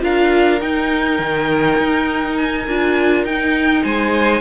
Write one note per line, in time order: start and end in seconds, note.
0.00 0.61 D4
0.00 0.59 F4
0.00 3.84 A#4
0.00 0.62 F5
0.61 1.19 D#4
0.61 2.68 D#4
0.61 2.37 G5
1.19 1.78 D#3
1.79 2.67 D#4
2.37 3.25 G#5
2.67 3.25 D4
2.67 3.27 F4
3.25 3.83 D#4
3.25 4.41 D#4
3.25 3.84 G5
3.84 4.41 G#3
3.84 4.41 C5
3.84 4.41 G#5